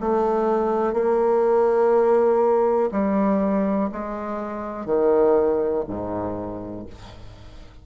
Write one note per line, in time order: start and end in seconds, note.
0.00 0.93 A3
0.93 2.90 A#3
2.92 3.90 G3
3.92 4.85 G#3
4.85 5.83 D#3
5.87 6.86 G#2